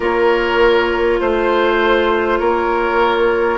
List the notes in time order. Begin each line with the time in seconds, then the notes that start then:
0.00 A#3 F4 A#4 C#5
1.19 A3 C5
2.38 A#3 A#4 C#5